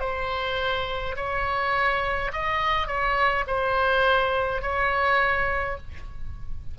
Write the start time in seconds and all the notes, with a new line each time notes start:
0.00 C5
1.16 C#5
2.33 D#5
2.87 C#5
3.47 C5
4.62 C#5